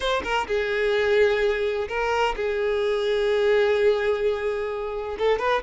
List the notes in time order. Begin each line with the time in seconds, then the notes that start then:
0.00 C5
0.23 A#4
0.47 G#4
1.88 A#4
2.35 G#4
5.18 A4
5.38 B4